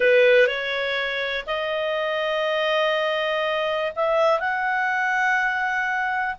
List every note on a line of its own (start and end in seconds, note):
0.00 0.46 B4
0.46 1.45 C#5
1.46 3.92 D#5
3.95 4.39 E5
4.39 6.36 F#5